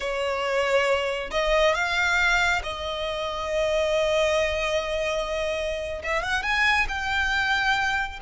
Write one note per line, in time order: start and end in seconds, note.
0.00 1.30 C#5
1.30 1.74 D#5
1.74 2.61 F5
2.63 6.02 D#5
6.03 6.22 E5
6.22 6.43 F#5
6.43 6.86 G#5
6.88 8.19 G5